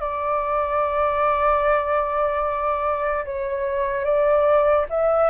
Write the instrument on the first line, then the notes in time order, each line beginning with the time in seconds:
flute
0.00 D5
3.25 C#5
4.04 D5
4.90 E5